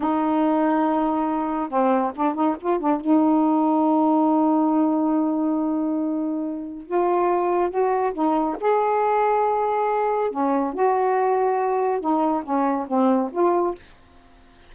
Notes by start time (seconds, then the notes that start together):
0.00 D#4
1.69 C4
2.15 D4
2.34 D#4
2.60 F4
2.79 D4
3.01 D#4
6.86 F4
7.69 F#4
8.13 D#4
8.60 G#4
10.30 C#4
10.73 F#4
12.00 D#4
12.43 C#4
12.87 C4
13.32 F4